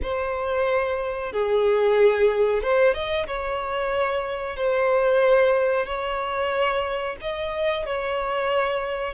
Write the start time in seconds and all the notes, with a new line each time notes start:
0.02 C5
1.32 G#4
2.63 C5
2.93 D#5
3.26 C#5
4.56 C5
5.85 C#5
7.21 D#5
7.86 C#5